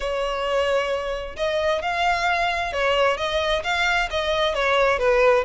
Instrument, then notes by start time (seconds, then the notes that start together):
violin
0.00 C#5
1.36 D#5
1.82 F5
2.72 C#5
3.17 D#5
3.63 F5
4.10 D#5
4.54 C#5
4.99 B4